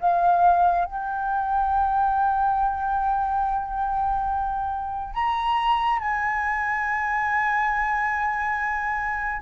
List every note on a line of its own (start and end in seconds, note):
0.00 0.85 F5
0.85 5.14 G5
5.14 5.99 A#5
5.99 9.42 G#5